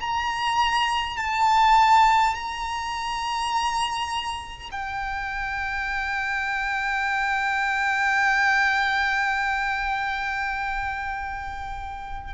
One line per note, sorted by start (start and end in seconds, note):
0.00 1.17 A#5
1.17 2.35 A5
2.35 4.70 A#5
4.71 12.34 G5